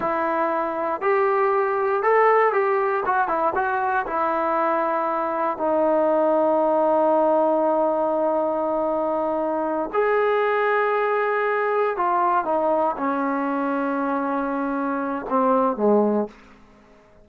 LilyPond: \new Staff \with { instrumentName = "trombone" } { \time 4/4 \tempo 4 = 118 e'2 g'2 | a'4 g'4 fis'8 e'8 fis'4 | e'2. dis'4~ | dis'1~ |
dis'2.~ dis'8 gis'8~ | gis'2.~ gis'8 f'8~ | f'8 dis'4 cis'2~ cis'8~ | cis'2 c'4 gis4 | }